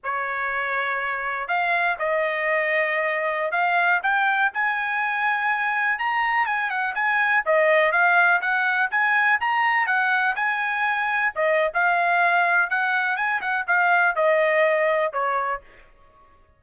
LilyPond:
\new Staff \with { instrumentName = "trumpet" } { \time 4/4 \tempo 4 = 123 cis''2. f''4 | dis''2.~ dis''16 f''8.~ | f''16 g''4 gis''2~ gis''8.~ | gis''16 ais''4 gis''8 fis''8 gis''4 dis''8.~ |
dis''16 f''4 fis''4 gis''4 ais''8.~ | ais''16 fis''4 gis''2 dis''8. | f''2 fis''4 gis''8 fis''8 | f''4 dis''2 cis''4 | }